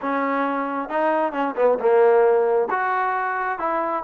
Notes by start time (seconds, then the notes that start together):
0.01 C#4
0.89 D#4
1.32 C#4
1.56 B3
1.79 A#3
2.70 F#4
3.58 E4